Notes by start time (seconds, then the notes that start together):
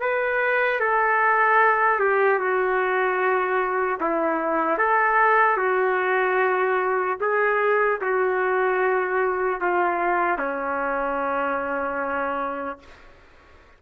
0.00 B4
0.80 A4
1.99 G4
2.39 F#4
4.00 E4
4.78 A4
5.57 F#4
7.20 G#4
8.01 F#4
9.61 F4
10.39 C#4